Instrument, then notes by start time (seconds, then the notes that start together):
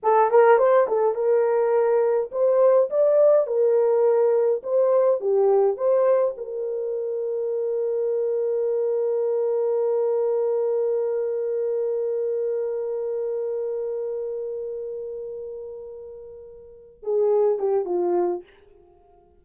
horn
0.02 A4
0.30 A#4
0.58 C5
0.88 A4
1.15 A#4
2.31 C5
2.90 D5
3.46 A#4
4.63 C5
5.20 G4
5.76 C5
6.37 A#4
17.02 G#4
17.58 G4
17.85 F4